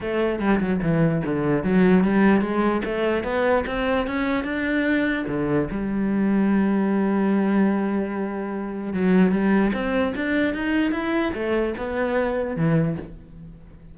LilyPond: \new Staff \with { instrumentName = "cello" } { \time 4/4 \tempo 4 = 148 a4 g8 fis8 e4 d4 | fis4 g4 gis4 a4 | b4 c'4 cis'4 d'4~ | d'4 d4 g2~ |
g1~ | g2 fis4 g4 | c'4 d'4 dis'4 e'4 | a4 b2 e4 | }